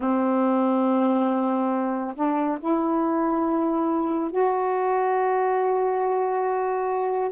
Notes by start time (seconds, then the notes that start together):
0.00 C4
2.15 D4
2.59 E4
4.31 F#4